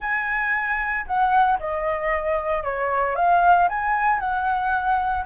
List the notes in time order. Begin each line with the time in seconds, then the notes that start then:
0.00 G#5
1.06 F#5
1.59 D#5
2.63 C#5
3.15 F5
3.68 G#5
4.19 F#5